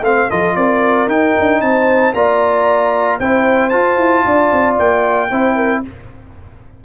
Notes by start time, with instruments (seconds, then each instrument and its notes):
0.00 tuba A3, trombone C4, horn F5, trumpet F5
0.29 tuba F3, trombone F4, horn A4, trumpet D#5
0.56 tuba C4, horn A#4, trumpet D5
1.06 tuba D#4, trombone D#4, trumpet G5
1.39 tuba D4
1.60 tuba C4, horn C5, trumpet A5
2.13 tuba A#3, trombone F4, horn D5, trumpet A#5
3.19 tuba C4, trombone E4, horn C5, trumpet G5
3.69 trombone F4, tuba F4, trumpet A5
3.97 tuba E4
4.25 tuba D4, horn D5
4.52 tuba C4
4.78 tuba A#3, trumpet G5
5.30 tuba C4, trombone E4, horn C5
5.55 horn A#4